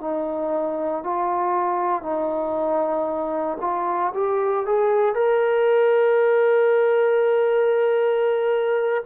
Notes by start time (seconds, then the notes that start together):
0.00 D#4
1.03 F4
2.02 D#4
3.61 F4
4.14 G4
4.66 G#4
5.15 A#4